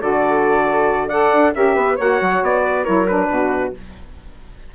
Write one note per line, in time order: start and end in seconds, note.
0.00 1.32 D3
0.00 1.09 F#4
0.00 1.07 A4
0.00 1.09 D5
1.07 1.54 A4
1.07 1.51 D5
1.07 1.53 F#5
1.32 1.54 D4
1.54 1.76 C#4
1.54 1.98 G4
1.54 1.75 A#4
1.54 1.98 E5
1.75 1.98 B3
1.75 1.96 B4
1.96 2.21 A#3
1.96 2.85 F#4
1.96 2.62 C#5
1.96 2.44 F#5
2.21 2.42 F#3
2.42 2.86 B3
2.42 2.85 D5
2.63 2.83 B4
2.83 3.29 F#3
2.83 3.07 E4
2.83 3.27 A#4
2.83 3.07 C#5
3.07 3.74 D4
3.07 3.73 B4
3.29 3.73 B2
3.29 3.74 F#4